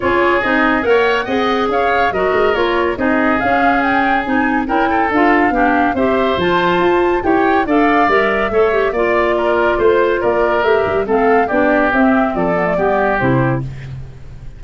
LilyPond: <<
  \new Staff \with { instrumentName = "flute" } { \time 4/4 \tempo 4 = 141 cis''4 dis''4 fis''2 | f''4 dis''4 cis''4 dis''4 | f''4 g''4 gis''4 g''4 | f''2 e''4 a''4~ |
a''4 g''4 f''4 e''4~ | e''4 d''2 c''4 | d''4 e''4 f''4 d''4 | e''4 d''2 c''4 | }
  \new Staff \with { instrumentName = "oboe" } { \time 4/4 gis'2 cis''4 dis''4 | cis''4 ais'2 gis'4~ | gis'2. ais'8 a'8~ | a'4 g'4 c''2~ |
c''4 cis''4 d''2 | cis''4 d''4 ais'4 c''4 | ais'2 a'4 g'4~ | g'4 a'4 g'2 | }
  \new Staff \with { instrumentName = "clarinet" } { \time 4/4 f'4 dis'4 ais'4 gis'4~ | gis'4 fis'4 f'4 dis'4 | cis'2 dis'4 e'4 | f'4 d'4 g'4 f'4~ |
f'4 g'4 a'4 ais'4 | a'8 g'8 f'2.~ | f'4 g'4 c'4 d'4 | c'4. b16 a16 b4 e'4 | }
  \new Staff \with { instrumentName = "tuba" } { \time 4/4 cis'4 c'4 ais4 c'4 | cis'4 fis8 gis8 ais4 c'4 | cis'2 c'4 cis'4 | d'4 b4 c'4 f4 |
f'4 e'4 d'4 g4 | a4 ais2 a4 | ais4 a8 g8 a4 b4 | c'4 f4 g4 c4 | }
>>